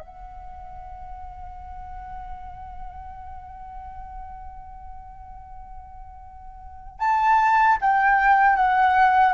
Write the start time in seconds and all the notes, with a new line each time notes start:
0.00 F#5
7.00 A5
7.81 G5
8.56 F#5